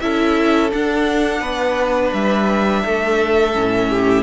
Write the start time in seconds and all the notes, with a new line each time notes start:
0.00 C#4 E4 A4 E5
0.70 D4 F#5
1.40 B3 B4
2.14 G3 E5
2.85 A3 A4
3.55 A2 C#4
3.90 G4